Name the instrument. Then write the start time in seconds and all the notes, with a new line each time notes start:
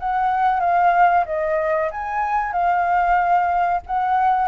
flute
0.00 F#5
0.60 F5
1.26 D#5
1.91 G#5
2.52 F5
3.87 F#5